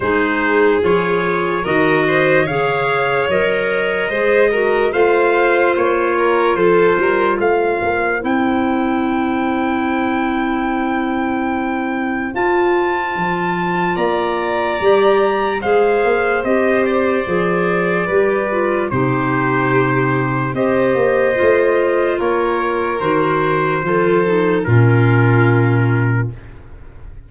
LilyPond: <<
  \new Staff \with { instrumentName = "trumpet" } { \time 4/4 \tempo 4 = 73 c''4 cis''4 dis''4 f''4 | dis''2 f''4 cis''4 | c''4 f''4 g''2~ | g''2. a''4~ |
a''4 ais''2 f''4 | dis''8 d''2~ d''8 c''4~ | c''4 dis''2 cis''4 | c''2 ais'2 | }
  \new Staff \with { instrumentName = "violin" } { \time 4/4 gis'2 ais'8 c''8 cis''4~ | cis''4 c''8 ais'8 c''4. ais'8 | a'8 ais'8 c''2.~ | c''1~ |
c''4 d''2 c''4~ | c''2 b'4 g'4~ | g'4 c''2 ais'4~ | ais'4 a'4 f'2 | }
  \new Staff \with { instrumentName = "clarinet" } { \time 4/4 dis'4 f'4 fis'4 gis'4 | ais'4 gis'8 fis'8 f'2~ | f'2 e'2~ | e'2. f'4~ |
f'2 g'4 gis'4 | g'4 gis'4 g'8 f'8 dis'4~ | dis'4 g'4 f'2 | fis'4 f'8 dis'8 cis'2 | }
  \new Staff \with { instrumentName = "tuba" } { \time 4/4 gis4 f4 dis4 cis4 | fis4 gis4 a4 ais4 | f8 g8 a8 ais8 c'2~ | c'2. f'4 |
f4 ais4 g4 gis8 ais8 | c'4 f4 g4 c4~ | c4 c'8 ais8 a4 ais4 | dis4 f4 ais,2 | }
>>